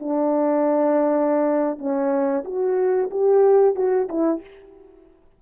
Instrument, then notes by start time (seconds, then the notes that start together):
horn
0.00 D4
1.79 C#4
2.45 F#4
3.11 G4
3.76 F#4
4.09 E4